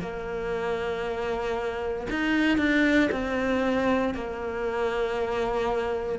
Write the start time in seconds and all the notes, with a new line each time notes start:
0.00 A#3
2.10 D#4
2.57 D4
3.11 C4
4.14 A#3